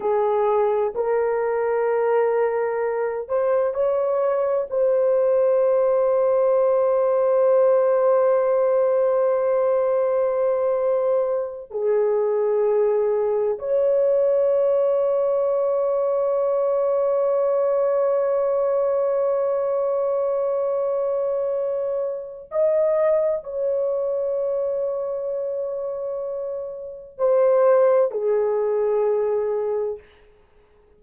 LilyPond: \new Staff \with { instrumentName = "horn" } { \time 4/4 \tempo 4 = 64 gis'4 ais'2~ ais'8 c''8 | cis''4 c''2.~ | c''1~ | c''8 gis'2 cis''4.~ |
cis''1~ | cis''1 | dis''4 cis''2.~ | cis''4 c''4 gis'2 | }